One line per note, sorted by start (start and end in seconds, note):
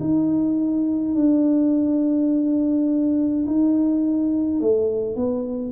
0.00 1.15 D#4
1.15 3.46 D4
3.47 4.60 D#4
4.60 5.16 A3
5.16 5.72 B3